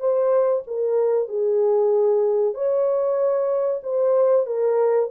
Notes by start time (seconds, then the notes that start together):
0.00 C5
0.67 A#4
1.28 G#4
2.54 C#5
3.83 C5
4.46 A#4